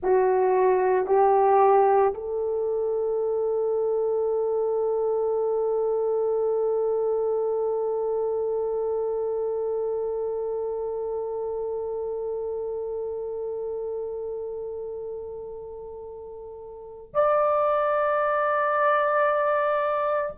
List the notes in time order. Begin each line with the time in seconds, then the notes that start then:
0.02 F#4
1.06 G4
2.14 A4
17.14 D5